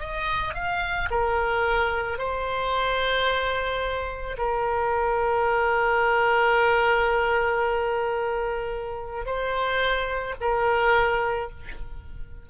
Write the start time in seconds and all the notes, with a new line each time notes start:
0.00 D#5
0.54 F5
1.11 A#4
2.19 C5
4.38 A#4
9.26 C5
10.41 A#4